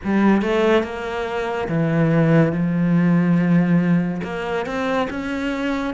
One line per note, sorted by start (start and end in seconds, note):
0.03 0.42 G3
0.42 0.83 A3
0.83 1.67 A#3
1.68 2.52 E3
2.52 4.21 F3
4.23 4.66 A#3
4.66 5.08 C4
5.09 5.94 C#4